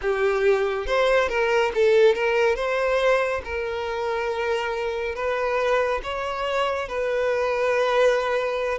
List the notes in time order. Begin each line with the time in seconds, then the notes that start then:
0.01 G4
0.86 C5
1.29 A#4
1.74 A4
2.14 A#4
2.55 C5
3.44 A#4
5.15 B4
6.03 C#5
6.88 B4